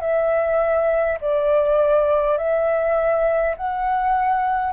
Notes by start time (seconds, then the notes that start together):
0.00 E5
1.20 D5
2.37 E5
3.56 F#5